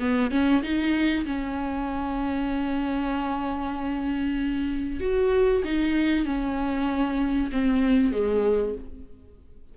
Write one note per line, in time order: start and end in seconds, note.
0.00 0.31 B3
0.31 0.62 C#4
0.63 1.26 D#4
1.26 5.01 C#4
5.01 5.63 F#4
5.64 6.26 D#4
6.26 7.51 C#4
7.52 8.13 C4
8.13 8.75 G#3